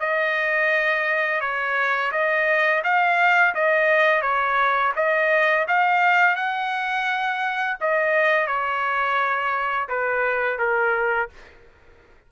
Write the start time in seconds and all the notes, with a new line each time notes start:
0.00 D#5
1.41 C#5
2.12 D#5
2.84 F5
3.55 D#5
4.23 C#5
4.96 D#5
5.68 F5
6.36 F#5
7.81 D#5
8.47 C#5
9.89 B4
10.59 A#4